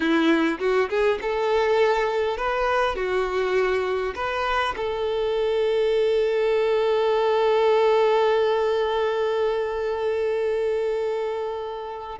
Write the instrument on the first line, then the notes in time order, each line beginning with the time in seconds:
violin
0.00 E4
0.59 F#4
0.89 G#4
1.21 A4
2.37 B4
2.95 F#4
4.15 B4
4.76 A4